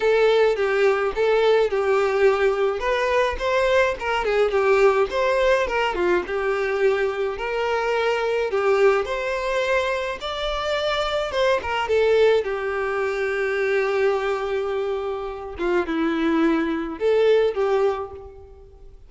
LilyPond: \new Staff \with { instrumentName = "violin" } { \time 4/4 \tempo 4 = 106 a'4 g'4 a'4 g'4~ | g'4 b'4 c''4 ais'8 gis'8 | g'4 c''4 ais'8 f'8 g'4~ | g'4 ais'2 g'4 |
c''2 d''2 | c''8 ais'8 a'4 g'2~ | g'2.~ g'8 f'8 | e'2 a'4 g'4 | }